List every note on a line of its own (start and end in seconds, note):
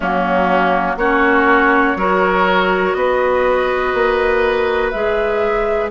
0.00 0.96 F#3
0.00 0.98 A#3
0.00 0.95 C#4
0.00 0.98 F#4
0.96 1.94 A#3
0.96 1.98 C#4
0.96 1.97 F#4
0.96 2.93 C#5
1.95 2.93 F#3
1.95 4.93 F#4
1.95 2.97 A#4
2.93 3.93 B3
2.93 5.91 B4
2.93 4.90 D#5
3.94 4.92 A#3
4.91 5.91 G#3
4.91 5.91 G#4
4.91 5.89 E5